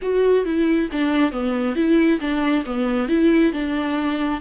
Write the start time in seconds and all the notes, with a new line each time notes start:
0.02 F#4
0.45 E4
0.91 D4
1.31 B3
1.75 E4
2.20 D4
2.65 B3
3.08 E4
3.52 D4